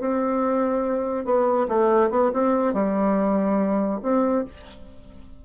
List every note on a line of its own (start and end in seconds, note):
0.00 1.25 C4
1.25 1.67 B3
1.68 2.10 A3
2.10 2.31 B3
2.34 2.74 C4
2.74 4.00 G3
4.03 4.45 C4